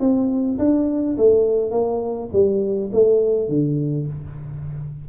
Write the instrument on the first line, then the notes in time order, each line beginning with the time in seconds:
tuba
0.00 C4
0.59 D4
1.18 A3
1.71 A#3
2.33 G3
2.93 A3
3.49 D3